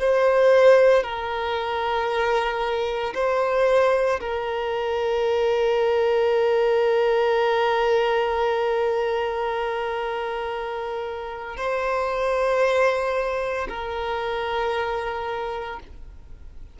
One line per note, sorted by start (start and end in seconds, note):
0.00 1.03 C5
1.03 3.14 A#4
3.15 4.20 C5
4.21 11.57 A#4
11.57 13.67 C5
13.69 15.79 A#4